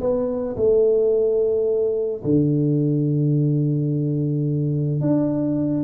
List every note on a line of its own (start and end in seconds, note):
0.00 0.56 B3
0.56 2.23 A3
2.24 5.01 D3
5.01 5.84 D4